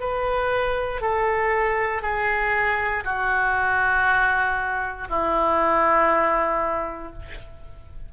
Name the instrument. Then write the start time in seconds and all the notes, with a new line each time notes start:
oboe
0.00 B4
1.01 A4
2.02 G#4
3.05 F#4
5.10 E4